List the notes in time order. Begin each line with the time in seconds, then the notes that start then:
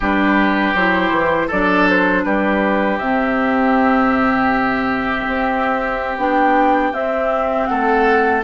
0.00 G3 D4 G4 B4
0.74 F#3 E4 C5
1.10 E3
1.47 F#3 D4 A4 D5
1.89 C5
2.24 G3 G4 B4
2.98 C3 C4 E5
5.27 C4
6.17 B3 D4 G5
6.93 C4 E5
7.66 A3 A4 F#5